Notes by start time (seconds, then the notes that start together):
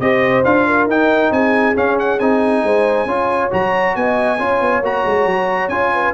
0.00 C4 G4 C5 D#5
0.44 D4 F4 F5
0.67 A#4
0.87 D#4 G5
1.31 C4 G#4 G#5
1.75 C#4 F5
1.99 F#5
2.19 C4 D#4 G#5
2.63 G#3 C5
3.05 C#4 F4 C#5
3.51 F#3 F#4 A#5
3.95 B3 D#5 G#5
4.39 C#4 F4 C#5
4.61 B3
4.82 A#3 F#4 A#5
5.05 G#3
5.26 F#3
5.68 C#4 F4 G#5
5.93 B4